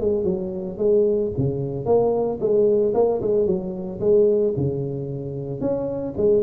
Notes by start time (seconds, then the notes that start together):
0.00 G#3
0.24 F#3
0.78 G#3
1.37 C#3
1.85 A#3
2.40 G#3
2.94 A#3
3.22 G#3
3.46 F#3
4.00 G#3
4.57 C#3
5.60 C#4
6.17 G#3